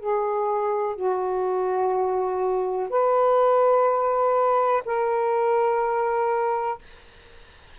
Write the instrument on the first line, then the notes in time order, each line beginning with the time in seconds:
saxophone
0.00 G#4
0.96 F#4
2.90 B4
4.86 A#4